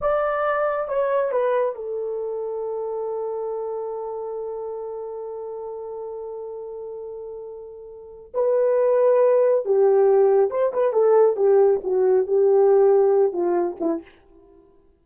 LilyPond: \new Staff \with { instrumentName = "horn" } { \time 4/4 \tempo 4 = 137 d''2 cis''4 b'4 | a'1~ | a'1~ | a'1~ |
a'2. b'4~ | b'2 g'2 | c''8 b'8 a'4 g'4 fis'4 | g'2~ g'8 f'4 e'8 | }